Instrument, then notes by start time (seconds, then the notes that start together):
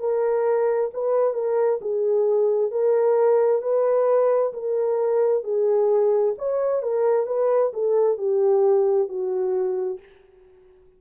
horn
0.00 A#4
0.94 B4
1.34 A#4
1.82 G#4
2.72 A#4
3.62 B4
4.54 A#4
5.44 G#4
6.39 C#5
6.83 A#4
7.27 B4
7.74 A4
8.18 G4
9.09 F#4